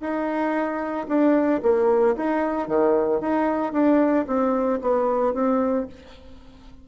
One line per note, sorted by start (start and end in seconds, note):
0.00 1.06 D#4
1.08 1.61 D4
1.62 2.16 A#3
2.16 2.68 D#4
2.68 3.20 D#3
3.20 3.72 D#4
3.72 4.26 D4
4.27 4.80 C4
4.81 5.33 B3
5.33 5.86 C4